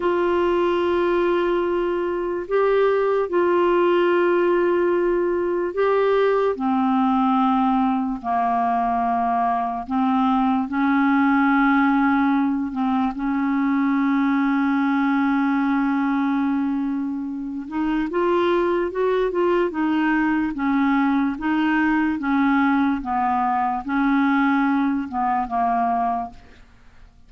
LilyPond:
\new Staff \with { instrumentName = "clarinet" } { \time 4/4 \tempo 4 = 73 f'2. g'4 | f'2. g'4 | c'2 ais2 | c'4 cis'2~ cis'8 c'8 |
cis'1~ | cis'4. dis'8 f'4 fis'8 f'8 | dis'4 cis'4 dis'4 cis'4 | b4 cis'4. b8 ais4 | }